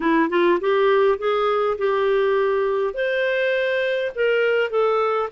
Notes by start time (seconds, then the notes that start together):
0.00 E4
0.29 F4
0.60 G4
1.18 G#4
1.78 G4
2.94 C5
4.15 A#4
4.70 A4